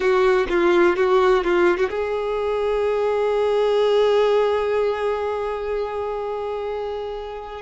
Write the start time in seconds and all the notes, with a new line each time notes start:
0.00 F#4
0.49 F4
0.96 F#4
1.44 F4
1.77 F#4
1.90 G#4